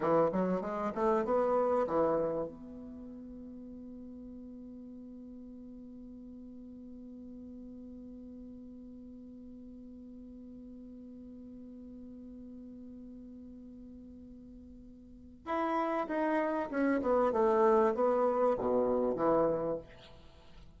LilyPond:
\new Staff \with { instrumentName = "bassoon" } { \time 4/4 \tempo 4 = 97 e8 fis8 gis8 a8 b4 e4 | b1~ | b1~ | b1~ |
b1~ | b1~ | b4 e'4 dis'4 cis'8 b8 | a4 b4 b,4 e4 | }